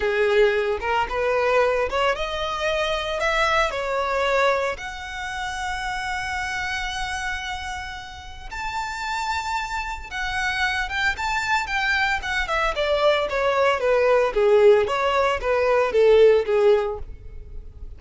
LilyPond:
\new Staff \with { instrumentName = "violin" } { \time 4/4 \tempo 4 = 113 gis'4. ais'8 b'4. cis''8 | dis''2 e''4 cis''4~ | cis''4 fis''2.~ | fis''1 |
a''2. fis''4~ | fis''8 g''8 a''4 g''4 fis''8 e''8 | d''4 cis''4 b'4 gis'4 | cis''4 b'4 a'4 gis'4 | }